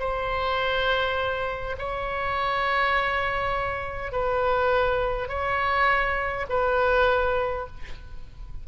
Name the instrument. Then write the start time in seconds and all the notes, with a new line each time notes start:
oboe
0.00 C5
1.79 C#5
4.12 B4
5.29 C#5
6.49 B4